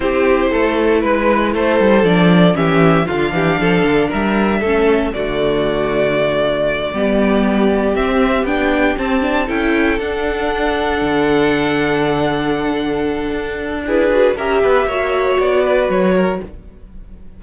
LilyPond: <<
  \new Staff \with { instrumentName = "violin" } { \time 4/4 \tempo 4 = 117 c''2 b'4 c''4 | d''4 e''4 f''2 | e''2 d''2~ | d''2.~ d''8 e''8~ |
e''8 g''4 a''4 g''4 fis''8~ | fis''1~ | fis''2. b'4 | e''2 d''4 cis''4 | }
  \new Staff \with { instrumentName = "violin" } { \time 4/4 g'4 a'4 b'4 a'4~ | a'4 g'4 f'8 g'8 a'4 | ais'4 a'4 fis'2~ | fis'4. g'2~ g'8~ |
g'2~ g'8 a'4.~ | a'1~ | a'2. gis'4 | ais'8 b'8 cis''4. b'4 ais'8 | }
  \new Staff \with { instrumentName = "viola" } { \time 4/4 e'1 | d'4 cis'4 d'2~ | d'4 cis'4 a2~ | a4. b2 c'8~ |
c'8 d'4 c'8 d'8 e'4 d'8~ | d'1~ | d'2. e'8 fis'8 | g'4 fis'2. | }
  \new Staff \with { instrumentName = "cello" } { \time 4/4 c'4 a4 gis4 a8 g8 | f4 e4 d8 e8 f8 d8 | g4 a4 d2~ | d4. g2 c'8~ |
c'8 b4 c'4 cis'4 d'8~ | d'4. d2~ d8~ | d2 d'2 | cis'8 b8 ais4 b4 fis4 | }
>>